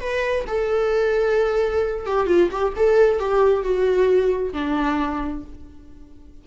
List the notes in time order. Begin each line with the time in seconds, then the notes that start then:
0.00 B4
0.47 A4
2.07 G4
2.27 F4
2.51 G4
2.77 A4
3.20 G4
3.63 F#4
4.53 D4